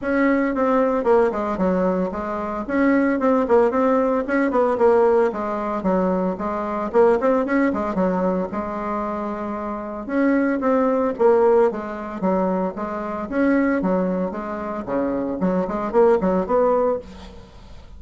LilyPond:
\new Staff \with { instrumentName = "bassoon" } { \time 4/4 \tempo 4 = 113 cis'4 c'4 ais8 gis8 fis4 | gis4 cis'4 c'8 ais8 c'4 | cis'8 b8 ais4 gis4 fis4 | gis4 ais8 c'8 cis'8 gis8 fis4 |
gis2. cis'4 | c'4 ais4 gis4 fis4 | gis4 cis'4 fis4 gis4 | cis4 fis8 gis8 ais8 fis8 b4 | }